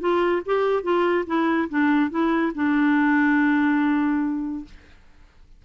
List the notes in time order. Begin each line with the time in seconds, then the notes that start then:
0.00 F4
0.46 G4
0.83 F4
1.26 E4
1.69 D4
2.10 E4
2.55 D4